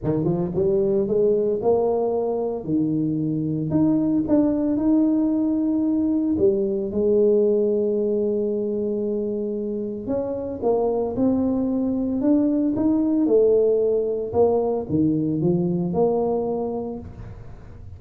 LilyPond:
\new Staff \with { instrumentName = "tuba" } { \time 4/4 \tempo 4 = 113 dis8 f8 g4 gis4 ais4~ | ais4 dis2 dis'4 | d'4 dis'2. | g4 gis2.~ |
gis2. cis'4 | ais4 c'2 d'4 | dis'4 a2 ais4 | dis4 f4 ais2 | }